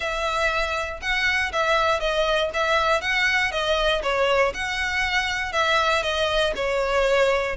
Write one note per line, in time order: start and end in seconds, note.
0.00 1.00 E5
1.01 1.51 F#5
1.52 2.00 E5
2.00 2.50 D#5
2.53 3.01 E5
3.01 3.51 F#5
3.51 4.02 D#5
4.02 4.53 C#5
4.54 5.52 F#5
5.52 6.02 E5
6.02 6.53 D#5
6.55 7.56 C#5